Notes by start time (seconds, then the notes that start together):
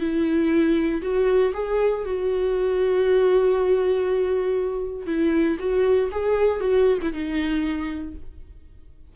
0.00 E4
1.02 F#4
1.54 G#4
2.05 F#4
5.07 E4
5.59 F#4
6.12 G#4
6.60 F#4
7.02 E4
7.13 D#4